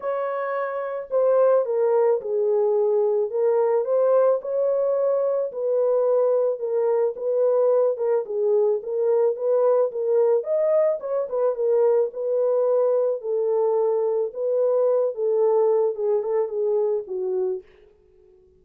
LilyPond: \new Staff \with { instrumentName = "horn" } { \time 4/4 \tempo 4 = 109 cis''2 c''4 ais'4 | gis'2 ais'4 c''4 | cis''2 b'2 | ais'4 b'4. ais'8 gis'4 |
ais'4 b'4 ais'4 dis''4 | cis''8 b'8 ais'4 b'2 | a'2 b'4. a'8~ | a'4 gis'8 a'8 gis'4 fis'4 | }